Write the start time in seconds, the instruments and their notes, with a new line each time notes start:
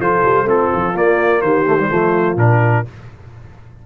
0.00 tuba F3, trombone F4, horn A4, trumpet C5
0.25 tuba G3
0.43 tuba A3, trombone C4, horn F4
0.50 trumpet A4
0.75 tuba F3
0.94 trombone A#3, tuba A#3, trumpet D5
1.42 tuba D#3, horn G4, trumpet C5
1.66 trombone A3
1.79 trombone G3
1.90 tuba F3, trombone A3, horn F4
2.36 tuba A#2, trombone D4, trumpet A#4